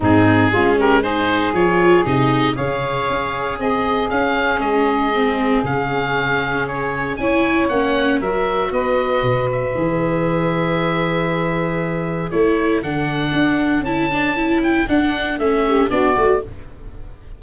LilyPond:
<<
  \new Staff \with { instrumentName = "oboe" } { \time 4/4 \tempo 4 = 117 gis'4. ais'8 c''4 cis''4 | dis''4 f''2 dis''4 | f''4 dis''2 f''4~ | f''4 cis''4 gis''4 fis''4 |
e''4 dis''4. e''4.~ | e''1 | cis''4 fis''2 a''4~ | a''8 g''8 fis''4 e''4 d''4 | }
  \new Staff \with { instrumentName = "saxophone" } { \time 4/4 dis'4 f'8 g'8 gis'2~ | gis'4 cis''2 gis'4~ | gis'1~ | gis'2 cis''2 |
ais'4 b'2.~ | b'1 | a'1~ | a'2~ a'8 g'8 fis'4 | }
  \new Staff \with { instrumentName = "viola" } { \time 4/4 c'4 cis'4 dis'4 f'4 | dis'4 gis'2. | cis'2 c'4 cis'4~ | cis'2 e'4 cis'4 |
fis'2. gis'4~ | gis'1 | e'4 d'2 e'8 d'8 | e'4 d'4 cis'4 d'8 fis'8 | }
  \new Staff \with { instrumentName = "tuba" } { \time 4/4 gis,4 gis2 f4 | c4 cis4 cis'4 c'4 | cis'4 gis2 cis4~ | cis2 cis'4 ais4 |
fis4 b4 b,4 e4~ | e1 | a4 d4 d'4 cis'4~ | cis'4 d'4 a4 b8 a8 | }
>>